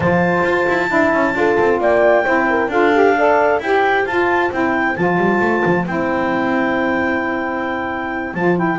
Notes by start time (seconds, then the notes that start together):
0.00 F3 F4 C5 A5
0.43 F4
0.68 E4
0.88 D4 E4 E5
1.12 C#4
1.33 D4 F4 A4
1.59 C4
1.80 A#3 D5 G5
2.24 C4 E4 C5
2.49 A#4
2.68 D4 F4 A4 F5
2.94 G4
3.17 A4 D5
3.59 E4 G4 C5 G5
4.04 F4 A5
4.51 C4 E4 G5
4.95 F3 F4 A5
5.17 G3
5.40 A3
5.65 F3
5.85 C4 E4 G5
8.34 F3 F4 A5
8.55 E4 G5